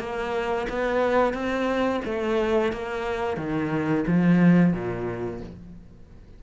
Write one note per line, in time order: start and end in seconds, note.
0.00 0.67 A#3
0.70 1.34 B3
1.34 2.01 C4
2.05 2.73 A3
2.73 3.37 A#3
3.37 4.04 D#3
4.08 4.73 F3
4.73 5.41 A#2